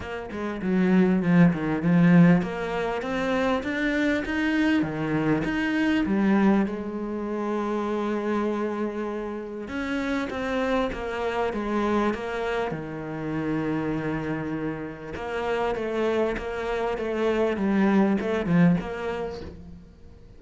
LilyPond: \new Staff \with { instrumentName = "cello" } { \time 4/4 \tempo 4 = 99 ais8 gis8 fis4 f8 dis8 f4 | ais4 c'4 d'4 dis'4 | dis4 dis'4 g4 gis4~ | gis1 |
cis'4 c'4 ais4 gis4 | ais4 dis2.~ | dis4 ais4 a4 ais4 | a4 g4 a8 f8 ais4 | }